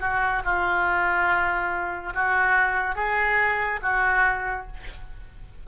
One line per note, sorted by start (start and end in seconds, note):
0.00 0.42 F#4
0.45 2.14 F4
2.14 2.95 F#4
2.95 3.80 G#4
3.82 4.67 F#4